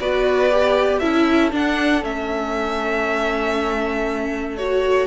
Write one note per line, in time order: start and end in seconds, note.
0.00 1.01 B3
0.00 0.50 F#4
0.00 1.00 B4
0.00 0.99 D5
0.50 1.01 G4
0.99 1.52 C#4
0.99 1.51 E4
0.99 5.07 A4
0.99 1.50 E5
1.51 2.02 D4
1.51 2.04 F#5
2.02 5.07 A3
2.02 4.58 C#4
2.02 4.57 E5
4.57 5.07 F#4
4.57 5.07 C#5